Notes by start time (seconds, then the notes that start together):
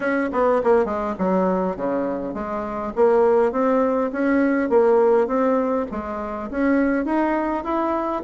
0.00 C#4
0.32 B3
0.63 A#3
0.85 G#3
1.18 F#3
1.76 C#3
2.33 G#3
2.95 A#3
3.52 C4
4.12 C#4
4.69 A#3
5.27 C4
5.91 G#3
6.50 C#4
7.05 D#4
7.63 E4